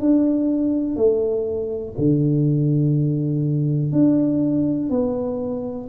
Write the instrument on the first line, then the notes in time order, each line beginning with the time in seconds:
tuba
0.00 D4
0.96 A3
1.98 D3
3.92 D4
4.90 B3